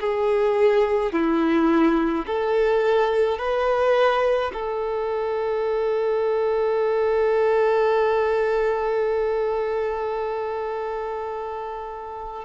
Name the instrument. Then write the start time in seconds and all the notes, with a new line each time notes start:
violin
0.00 G#4
1.13 E4
2.26 A4
3.39 B4
4.53 A4